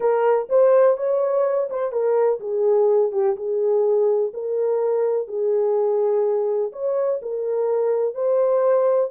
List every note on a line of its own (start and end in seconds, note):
0.00 0.48 A#4
0.49 0.97 C5
0.97 1.69 C#5
1.70 1.91 C5
1.91 2.39 A#4
2.40 3.12 G#4
3.12 3.36 G4
3.36 4.32 G#4
4.33 5.27 A#4
5.27 6.71 G#4
6.72 7.20 C#5
7.22 8.14 A#4
8.14 9.10 C5